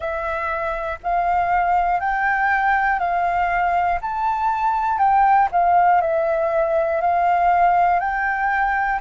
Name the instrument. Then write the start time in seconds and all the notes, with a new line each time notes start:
flute
0.00 E5
1.03 F5
2.00 G5
2.99 F5
4.01 A5
4.98 G5
5.51 F5
6.01 E5
7.01 F5
8.00 G5